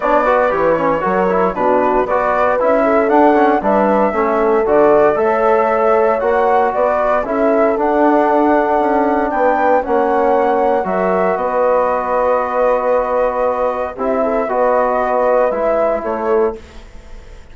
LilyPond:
<<
  \new Staff \with { instrumentName = "flute" } { \time 4/4 \tempo 4 = 116 d''4 cis''2 b'4 | d''4 e''4 fis''4 e''4~ | e''4 d''4 e''2 | fis''4 d''4 e''4 fis''4~ |
fis''2 g''4 fis''4~ | fis''4 e''4 dis''2~ | dis''2. e''4 | dis''2 e''4 cis''4 | }
  \new Staff \with { instrumentName = "horn" } { \time 4/4 cis''8 b'4. ais'4 fis'4 | b'4. a'4. b'4 | a'2 cis''2~ | cis''4 b'4 a'2~ |
a'2 b'4 cis''4~ | cis''4 ais'4 b'2~ | b'2. g'8 a'8 | b'2. a'4 | }
  \new Staff \with { instrumentName = "trombone" } { \time 4/4 d'8 fis'8 g'8 cis'8 fis'8 e'8 d'4 | fis'4 e'4 d'8 cis'8 d'4 | cis'4 fis'4 a'2 | fis'2 e'4 d'4~ |
d'2. cis'4~ | cis'4 fis'2.~ | fis'2. e'4 | fis'2 e'2 | }
  \new Staff \with { instrumentName = "bassoon" } { \time 4/4 b4 e4 fis4 b,4 | b4 cis'4 d'4 g4 | a4 d4 a2 | ais4 b4 cis'4 d'4~ |
d'4 cis'4 b4 ais4~ | ais4 fis4 b2~ | b2. c'4 | b2 gis4 a4 | }
>>